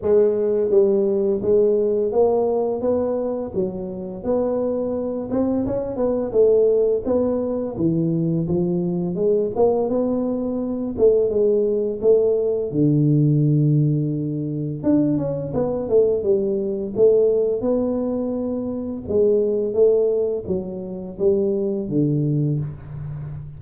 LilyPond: \new Staff \with { instrumentName = "tuba" } { \time 4/4 \tempo 4 = 85 gis4 g4 gis4 ais4 | b4 fis4 b4. c'8 | cis'8 b8 a4 b4 e4 | f4 gis8 ais8 b4. a8 |
gis4 a4 d2~ | d4 d'8 cis'8 b8 a8 g4 | a4 b2 gis4 | a4 fis4 g4 d4 | }